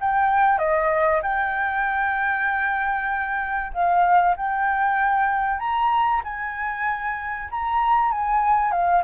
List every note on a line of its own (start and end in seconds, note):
0.00 0.58 G5
0.58 1.20 D#5
1.22 3.72 G5
3.73 4.36 F5
4.36 5.59 G5
5.59 6.21 A#5
6.24 7.49 G#5
7.51 8.11 A#5
8.11 8.71 G#5
8.71 9.03 F5